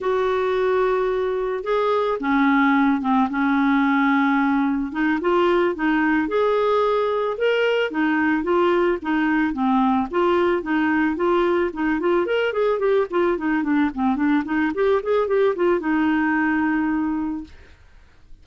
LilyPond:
\new Staff \with { instrumentName = "clarinet" } { \time 4/4 \tempo 4 = 110 fis'2. gis'4 | cis'4. c'8 cis'2~ | cis'4 dis'8 f'4 dis'4 gis'8~ | gis'4. ais'4 dis'4 f'8~ |
f'8 dis'4 c'4 f'4 dis'8~ | dis'8 f'4 dis'8 f'8 ais'8 gis'8 g'8 | f'8 dis'8 d'8 c'8 d'8 dis'8 g'8 gis'8 | g'8 f'8 dis'2. | }